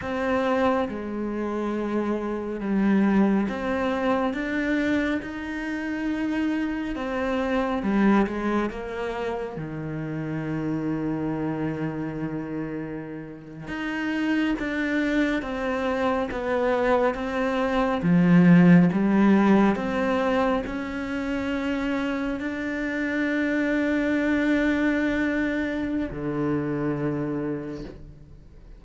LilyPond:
\new Staff \with { instrumentName = "cello" } { \time 4/4 \tempo 4 = 69 c'4 gis2 g4 | c'4 d'4 dis'2 | c'4 g8 gis8 ais4 dis4~ | dis2.~ dis8. dis'16~ |
dis'8. d'4 c'4 b4 c'16~ | c'8. f4 g4 c'4 cis'16~ | cis'4.~ cis'16 d'2~ d'16~ | d'2 d2 | }